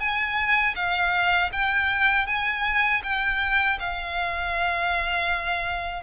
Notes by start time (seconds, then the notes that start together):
0.00 G#5
0.76 F5
1.53 G5
2.27 G#5
3.04 G5
3.80 F5